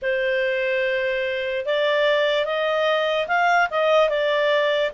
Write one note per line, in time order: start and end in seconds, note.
0.01 1.65 C5
1.65 2.45 D5
2.45 3.27 D#5
3.27 3.68 F5
3.70 4.09 D#5
4.09 4.91 D5